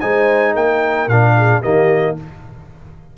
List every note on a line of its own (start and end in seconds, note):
0.00 0.56 G#3
0.00 1.09 D#4
0.00 0.54 C5
0.00 0.54 G#5
0.54 1.07 A#3
0.54 1.34 A#4
0.54 1.08 G5
1.07 1.61 A#2
1.07 1.63 D4
1.07 1.62 F5
1.37 1.61 G#4
1.61 2.17 D#3
1.61 2.17 A#3
1.61 2.15 G4
1.61 2.16 D#5